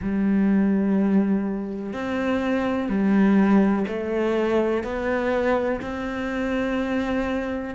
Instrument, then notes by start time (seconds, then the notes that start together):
cello
0.01 G3
1.93 C4
2.89 G3
3.87 A3
4.83 B3
5.81 C4